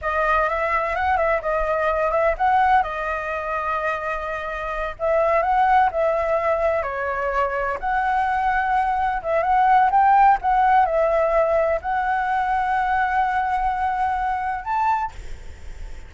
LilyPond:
\new Staff \with { instrumentName = "flute" } { \time 4/4 \tempo 4 = 127 dis''4 e''4 fis''8 e''8 dis''4~ | dis''8 e''8 fis''4 dis''2~ | dis''2~ dis''8 e''4 fis''8~ | fis''8 e''2 cis''4.~ |
cis''8 fis''2. e''8 | fis''4 g''4 fis''4 e''4~ | e''4 fis''2.~ | fis''2. a''4 | }